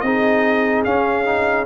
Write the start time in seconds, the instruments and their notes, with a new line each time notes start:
0.00 tuba C4, trombone D#4, horn G#4, trumpet D#5
0.84 tuba C#4, trombone C#4, trumpet F5
1.25 trombone D#4